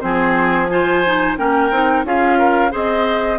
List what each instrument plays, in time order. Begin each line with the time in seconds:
0.00 bassoon F3, clarinet C4, oboe G#4, flute C5
0.68 clarinet F4, oboe C5, flute G#5
1.05 clarinet D#4
1.37 bassoon A#3, clarinet C#4, oboe A#4, flute G5
1.70 bassoon C4, clarinet D#4
2.04 bassoon C#4, clarinet F4, oboe G#4, flute F5
2.38 oboe A#4
2.71 bassoon C4, clarinet G#4, oboe C5, flute D#5